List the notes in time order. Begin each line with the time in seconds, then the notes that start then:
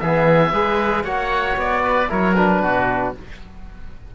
0.00 E3 B3 G#4 E5
0.52 G#3 G#4 B4
1.04 A#3 F#4 C#5 F#5
1.56 B3 D5
1.83 B4
2.08 F#3 E4 A#4 C#5
2.35 D4 B4
2.62 B2 F#4